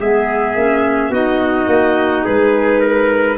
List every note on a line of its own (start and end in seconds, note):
0.00 0.55 G#3
0.00 0.57 B3
0.00 1.11 G#4
0.00 1.14 E5
0.55 1.09 A#3
0.55 1.13 C#4
1.09 1.66 B3
1.09 3.38 D#4
1.09 2.24 F#4
1.09 2.26 D#5
1.67 2.24 A#3
2.24 3.38 G#3
2.24 2.80 G#4
2.24 3.38 B4
2.80 3.37 A#4